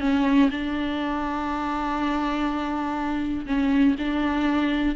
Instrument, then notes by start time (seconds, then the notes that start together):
viola
0.00 C#4
0.51 D4
3.46 C#4
3.99 D4